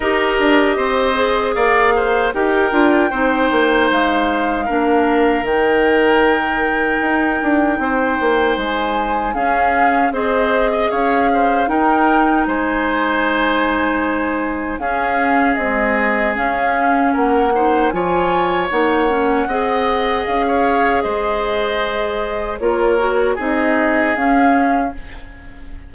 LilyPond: <<
  \new Staff \with { instrumentName = "flute" } { \time 4/4 \tempo 4 = 77 dis''2 f''4 g''4~ | g''4 f''2 g''4~ | g''2. gis''4 | f''4 dis''4 f''4 g''4 |
gis''2. f''4 | dis''4 f''4 fis''4 gis''4 | fis''2 f''4 dis''4~ | dis''4 cis''4 dis''4 f''4 | }
  \new Staff \with { instrumentName = "oboe" } { \time 4/4 ais'4 c''4 d''8 c''8 ais'4 | c''2 ais'2~ | ais'2 c''2 | gis'4 c''8. dis''16 cis''8 c''8 ais'4 |
c''2. gis'4~ | gis'2 ais'8 c''8 cis''4~ | cis''4 dis''4~ dis''16 cis''8. c''4~ | c''4 ais'4 gis'2 | }
  \new Staff \with { instrumentName = "clarinet" } { \time 4/4 g'4. gis'4. g'8 f'8 | dis'2 d'4 dis'4~ | dis'1 | cis'4 gis'2 dis'4~ |
dis'2. cis'4 | gis4 cis'4. dis'8 f'4 | dis'8 cis'8 gis'2.~ | gis'4 f'8 fis'8 dis'4 cis'4 | }
  \new Staff \with { instrumentName = "bassoon" } { \time 4/4 dis'8 d'8 c'4 ais4 dis'8 d'8 | c'8 ais8 gis4 ais4 dis4~ | dis4 dis'8 d'8 c'8 ais8 gis4 | cis'4 c'4 cis'4 dis'4 |
gis2. cis'4 | c'4 cis'4 ais4 f4 | ais4 c'4 cis'4 gis4~ | gis4 ais4 c'4 cis'4 | }
>>